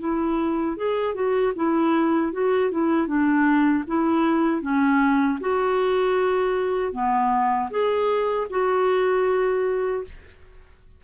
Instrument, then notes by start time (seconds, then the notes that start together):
clarinet
0.00 E4
0.77 G#4
1.14 F#4
1.56 E4
2.33 F#4
2.71 E4
3.07 D4
3.87 E4
4.62 C#4
5.41 F#4
6.93 B3
7.70 G#4
8.50 F#4